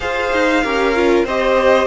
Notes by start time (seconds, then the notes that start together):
0.00 F4 G#4 C5 F5
0.32 D#4
0.63 C#4 G4 A#4
0.94 F4
1.24 C4 G4 C5 D#5